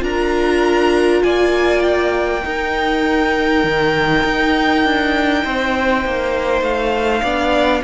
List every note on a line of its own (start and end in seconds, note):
0.00 1.22 D4
0.00 2.40 F4
0.00 1.23 A#4
0.00 1.22 A#5
1.22 2.44 A#3
1.22 2.44 D5
1.22 1.82 G#5
1.82 6.62 G5
2.43 7.23 D#4
2.43 3.63 D#4
2.43 5.43 A#4
3.63 4.23 D#3
4.24 4.84 D#4
4.84 5.44 D4
5.43 6.05 C4
5.43 7.21 C5
6.05 6.61 A#3
6.61 7.21 A3
6.61 7.83 F5
7.21 7.83 B3
7.21 7.83 D4
7.21 7.81 D5